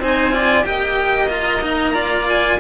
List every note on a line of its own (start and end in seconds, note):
0.00 0.65 C4
0.00 0.32 D#4
0.00 0.34 C5
0.00 0.65 G#5
0.32 0.64 F4
0.32 0.66 D5
0.64 2.59 A#3
0.64 1.28 G4
0.64 1.94 D#5
0.64 1.29 G5
1.29 1.61 F4
1.29 2.28 A#5
1.63 1.95 D#4
1.94 2.59 F4
1.94 2.59 D5
2.29 2.60 G#5